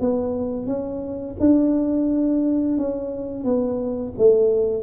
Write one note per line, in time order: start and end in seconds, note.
0.00 0.66 B3
0.66 1.35 C#4
1.39 2.77 D4
2.77 3.44 C#4
3.44 4.13 B3
4.18 4.83 A3